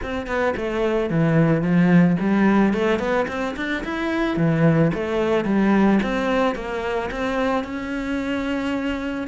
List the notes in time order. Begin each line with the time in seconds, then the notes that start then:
0.02 C4
0.26 B3
0.57 A3
1.10 E3
1.61 F3
2.20 G3
2.73 A3
2.99 B3
3.28 C4
3.56 D4
3.84 E4
4.37 E3
4.94 A3
5.44 G3
6.02 C4
6.55 A#3
7.11 C4
7.64 C#4